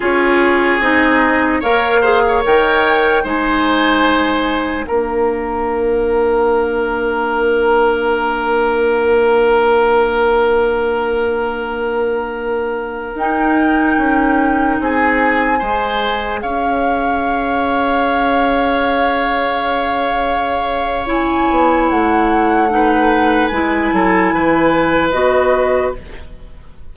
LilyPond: <<
  \new Staff \with { instrumentName = "flute" } { \time 4/4 \tempo 4 = 74 cis''4 dis''4 f''4 g''4 | gis''2 f''2~ | f''1~ | f''1~ |
f''16 g''2 gis''4.~ gis''16~ | gis''16 f''2.~ f''8.~ | f''2 gis''4 fis''4~ | fis''4 gis''2 dis''4 | }
  \new Staff \with { instrumentName = "oboe" } { \time 4/4 gis'2 cis''8 c''16 cis''4~ cis''16 | c''2 ais'2~ | ais'1~ | ais'1~ |
ais'2~ ais'16 gis'4 c''8.~ | c''16 cis''2.~ cis''8.~ | cis''1 | b'4. a'8 b'2 | }
  \new Staff \with { instrumentName = "clarinet" } { \time 4/4 f'4 dis'4 ais'8 gis'8 ais'4 | dis'2 d'2~ | d'1~ | d'1~ |
d'16 dis'2. gis'8.~ | gis'1~ | gis'2 e'2 | dis'4 e'2 fis'4 | }
  \new Staff \with { instrumentName = "bassoon" } { \time 4/4 cis'4 c'4 ais4 dis4 | gis2 ais2~ | ais1~ | ais1~ |
ais16 dis'4 cis'4 c'4 gis8.~ | gis16 cis'2.~ cis'8.~ | cis'2~ cis'8 b8 a4~ | a4 gis8 fis8 e4 b4 | }
>>